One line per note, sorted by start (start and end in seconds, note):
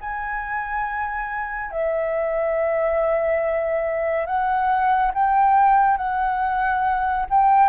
0.00 1.71 G#5
1.71 4.25 E5
4.25 5.11 F#5
5.14 5.97 G5
5.97 7.25 F#5
7.30 7.69 G5